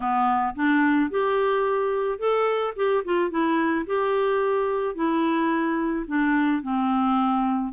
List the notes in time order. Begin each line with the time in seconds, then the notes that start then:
0.00 B3
0.55 D4
1.10 G4
2.18 A4
2.76 G4
3.04 F4
3.30 E4
3.86 G4
4.95 E4
6.07 D4
6.62 C4